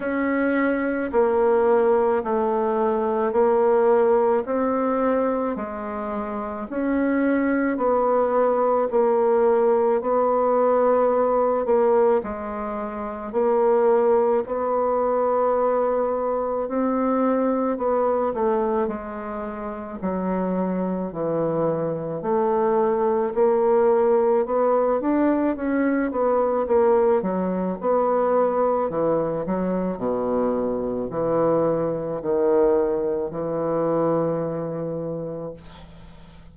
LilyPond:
\new Staff \with { instrumentName = "bassoon" } { \time 4/4 \tempo 4 = 54 cis'4 ais4 a4 ais4 | c'4 gis4 cis'4 b4 | ais4 b4. ais8 gis4 | ais4 b2 c'4 |
b8 a8 gis4 fis4 e4 | a4 ais4 b8 d'8 cis'8 b8 | ais8 fis8 b4 e8 fis8 b,4 | e4 dis4 e2 | }